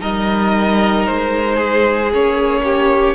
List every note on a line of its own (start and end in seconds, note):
0.00 1.06 G3
0.00 2.11 D#4
0.00 1.55 A#4
0.00 1.06 D#5
1.06 2.13 G#3
1.06 2.11 C5
1.55 2.61 G#4
2.12 3.15 A#3
2.12 3.15 C#4
2.12 3.15 C#5
2.64 3.15 G4